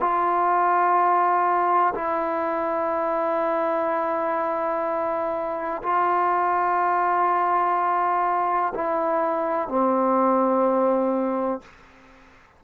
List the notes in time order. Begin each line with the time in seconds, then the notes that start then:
0.00 F4
1.95 E4
5.83 F4
8.74 E4
9.68 C4